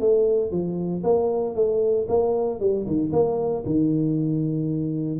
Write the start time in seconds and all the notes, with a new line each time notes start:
0.00 A3
0.51 F3
1.04 A#3
1.55 A3
2.09 A#3
2.60 G3
2.87 D#3
3.12 A#3
3.66 D#3